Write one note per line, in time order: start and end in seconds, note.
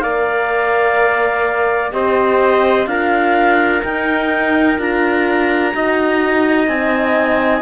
0.00 1.92 A#3
0.00 1.92 A#4
0.00 1.93 D5
0.00 1.90 F5
1.92 2.86 C4
1.92 2.87 G4
1.92 2.89 C5
1.92 2.87 D#5
2.86 3.82 D4
2.86 3.82 F4
2.86 5.75 A#4
2.86 3.82 F5
3.83 4.78 D#4
3.83 4.79 D#4
3.83 4.79 G5
4.78 5.74 D4
4.78 5.72 F4
4.78 6.68 A#5
5.72 6.68 D#4
5.72 6.67 F#4
5.72 7.61 D#5
6.68 7.61 C4
6.68 7.61 D#4
6.68 7.61 G#5